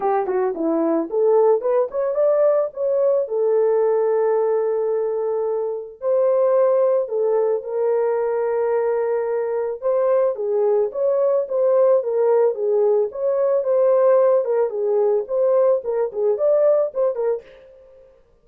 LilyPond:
\new Staff \with { instrumentName = "horn" } { \time 4/4 \tempo 4 = 110 g'8 fis'8 e'4 a'4 b'8 cis''8 | d''4 cis''4 a'2~ | a'2. c''4~ | c''4 a'4 ais'2~ |
ais'2 c''4 gis'4 | cis''4 c''4 ais'4 gis'4 | cis''4 c''4. ais'8 gis'4 | c''4 ais'8 gis'8 d''4 c''8 ais'8 | }